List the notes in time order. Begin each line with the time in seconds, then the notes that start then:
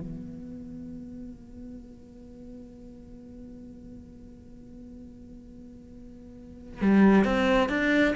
0.00 B3
6.82 G3
7.25 C4
7.69 D4